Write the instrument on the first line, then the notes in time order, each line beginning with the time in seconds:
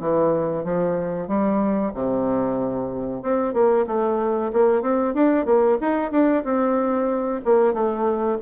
bassoon
0.00 E3
0.64 F3
1.28 G3
1.94 C3
3.22 C4
3.54 A#3
3.87 A3
4.53 A#3
4.82 C4
5.14 D4
5.46 A#3
5.81 D#4
6.11 D4
6.44 C4
7.45 A#3
7.74 A3